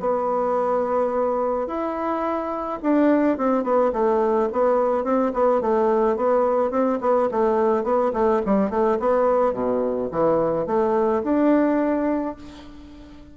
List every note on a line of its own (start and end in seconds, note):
0.00 1.67 B3
1.67 2.79 E4
2.82 3.38 D4
3.38 3.64 C4
3.64 3.92 B3
3.93 4.49 A3
4.53 5.04 B3
5.04 5.32 C4
5.34 5.61 B3
5.61 6.17 A3
6.17 6.71 B3
6.71 6.99 C4
7.01 7.29 B3
7.31 7.84 A3
7.84 8.12 B3
8.13 8.41 A3
8.46 8.70 G3
8.70 8.98 A3
9.00 9.53 B3
9.53 10.09 B2
10.11 10.67 E3
10.67 11.23 A3
11.24 12.36 D4